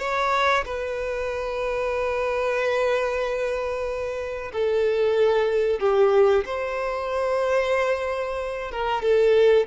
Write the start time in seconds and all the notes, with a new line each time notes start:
0.00 C#5
0.65 B4
4.53 A4
5.80 G4
6.46 C5
8.72 A#4
9.03 A4